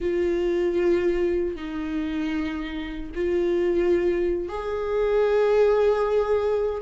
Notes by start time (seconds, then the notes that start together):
0.00 F4
1.55 D#4
3.14 F4
4.48 G#4